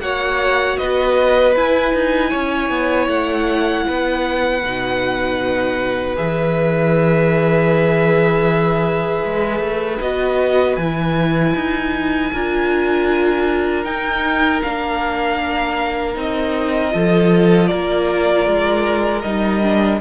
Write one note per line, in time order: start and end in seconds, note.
0.00 0.77 A#3
0.00 1.55 F#4
0.00 0.80 C#5
0.00 0.78 F#5
0.78 1.56 B3
0.78 2.31 B4
0.78 1.55 D#5
1.56 1.94 E4
1.56 4.64 E4
1.56 3.09 G#5
1.94 2.33 D#4
2.31 2.70 C#4
2.31 3.85 C#5
2.70 3.08 B3
3.08 3.85 A3
3.08 6.16 F#5
3.88 4.64 B3
3.88 12.32 B4
4.64 6.18 B2
4.64 6.16 D#4
6.16 9.25 E3
6.16 10.01 G#4
6.16 10.02 E5
9.25 9.60 G#3
9.60 9.98 A3
10.02 10.78 B3
10.02 10.79 F#4
10.02 10.77 D#5
10.77 11.54 E3
10.77 12.35 E4
10.77 13.84 G#5
11.55 12.32 D#4
12.32 13.86 D4
12.32 13.86 F4
12.32 16.94 A#4
13.85 14.63 D#4
13.85 14.62 G5
14.63 16.17 A#3
14.63 16.15 D4
14.63 16.17 F5
16.15 16.94 C4
16.15 16.91 D#4
16.15 17.68 D#5
16.91 17.72 F3
16.91 19.22 F4
16.91 17.70 A4
17.68 18.47 A#3
17.68 20.01 A#4
17.68 19.22 D5
18.47 19.24 G#3
19.22 20.01 G3
19.22 19.62 D#4
19.22 19.99 D#5
19.62 20.01 D4